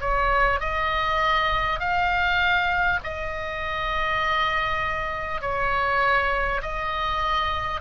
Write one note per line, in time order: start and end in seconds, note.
0.00 0.59 C#5
0.59 1.79 D#5
1.79 2.99 F5
3.03 5.41 D#5
5.41 6.61 C#5
6.62 7.81 D#5